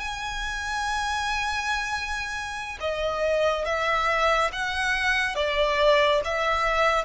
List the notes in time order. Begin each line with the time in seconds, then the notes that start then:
0.00 G#5
2.81 D#5
3.65 E5
4.53 F#5
5.36 D5
6.25 E5